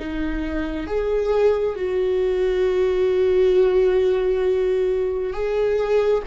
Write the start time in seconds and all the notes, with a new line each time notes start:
0.00 D#4
0.87 G#4
1.76 F#4
5.34 G#4